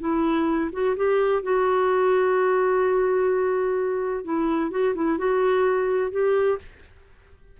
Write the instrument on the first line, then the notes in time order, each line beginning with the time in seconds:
clarinet
0.00 E4
0.72 F#4
0.97 G4
1.43 F#4
4.24 E4
4.71 F#4
4.95 E4
5.18 F#4
6.11 G4